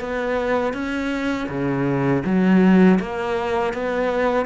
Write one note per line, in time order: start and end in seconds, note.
0.00 0.73 B3
0.73 1.47 C#4
1.48 2.23 C#3
2.25 2.99 F#3
2.99 3.73 A#3
3.73 4.46 B3